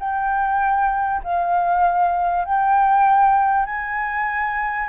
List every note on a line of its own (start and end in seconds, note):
0.00 1.22 G5
1.24 2.45 F5
2.45 3.66 G5
3.66 4.88 G#5